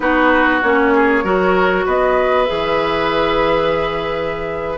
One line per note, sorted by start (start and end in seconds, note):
0.00 0.62 B3
0.00 0.61 D#4
0.00 0.94 F#4
0.00 0.60 B4
0.62 1.23 A#3
0.62 1.24 C#4
0.62 1.86 C#5
0.94 1.24 G#4
1.23 1.85 F#3
1.23 2.46 F#4
1.23 1.85 A#4
1.85 2.48 B3
1.85 4.77 B4
1.85 2.44 D#5
2.44 4.77 E3
2.44 4.77 G#4
2.44 4.76 E5